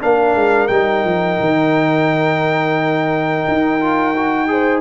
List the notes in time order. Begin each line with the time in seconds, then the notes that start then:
0.00 A#3 D4 A#4 F5
0.35 G#3
0.67 G3 D#4 G5
1.04 F3
1.40 D#3
3.48 D#4
3.80 F4
4.16 F#4
4.48 G#4 C5